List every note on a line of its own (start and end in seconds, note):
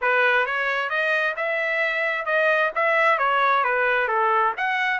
0.01 0.46 B4
0.46 0.89 C#5
0.89 1.35 D#5
1.36 2.25 E5
2.25 2.71 D#5
2.75 3.18 E5
3.18 3.64 C#5
3.64 4.07 B4
4.07 4.53 A4
4.57 4.99 F#5